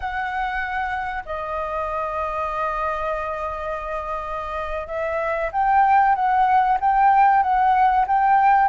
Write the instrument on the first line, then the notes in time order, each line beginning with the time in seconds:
flute
0.00 F#5
1.25 D#5
4.87 E5
5.51 G5
6.15 F#5
6.80 G5
7.42 F#5
8.07 G5